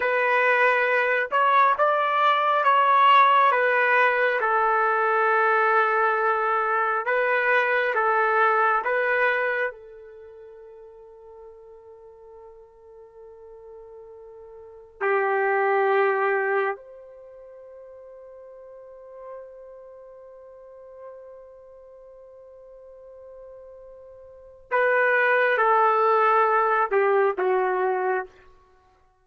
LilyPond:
\new Staff \with { instrumentName = "trumpet" } { \time 4/4 \tempo 4 = 68 b'4. cis''8 d''4 cis''4 | b'4 a'2. | b'4 a'4 b'4 a'4~ | a'1~ |
a'4 g'2 c''4~ | c''1~ | c''1 | b'4 a'4. g'8 fis'4 | }